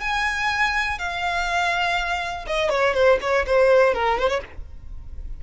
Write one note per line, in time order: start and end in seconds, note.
0.00 0.98 G#5
0.98 2.45 F5
2.46 2.69 D#5
2.69 2.94 C#5
2.94 3.18 C5
3.21 3.45 C#5
3.46 3.94 C5
3.94 4.18 A#4
4.18 4.28 C5
4.28 4.40 C#5